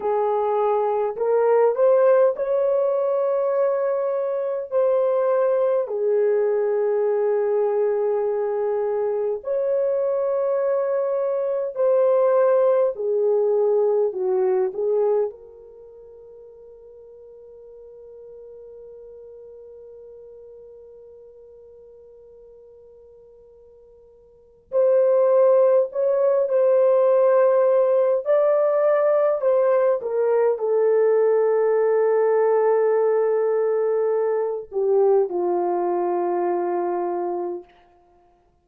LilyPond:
\new Staff \with { instrumentName = "horn" } { \time 4/4 \tempo 4 = 51 gis'4 ais'8 c''8 cis''2 | c''4 gis'2. | cis''2 c''4 gis'4 | fis'8 gis'8 ais'2.~ |
ais'1~ | ais'4 c''4 cis''8 c''4. | d''4 c''8 ais'8 a'2~ | a'4. g'8 f'2 | }